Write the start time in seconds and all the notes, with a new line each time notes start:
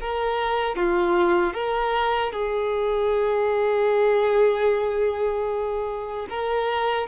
0.00 A#4
0.76 F4
1.54 A#4
2.33 G#4
6.29 A#4